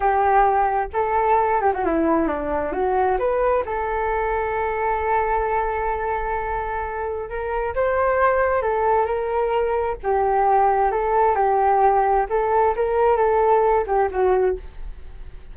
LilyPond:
\new Staff \with { instrumentName = "flute" } { \time 4/4 \tempo 4 = 132 g'2 a'4. g'16 fis'16 | e'4 d'4 fis'4 b'4 | a'1~ | a'1 |
ais'4 c''2 a'4 | ais'2 g'2 | a'4 g'2 a'4 | ais'4 a'4. g'8 fis'4 | }